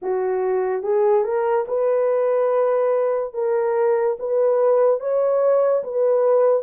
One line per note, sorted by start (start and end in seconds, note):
0.02 0.83 F#4
0.83 1.23 G#4
1.23 1.65 A#4
1.67 3.33 B4
3.33 4.17 A#4
4.19 5.00 B4
5.00 5.83 C#5
5.83 6.62 B4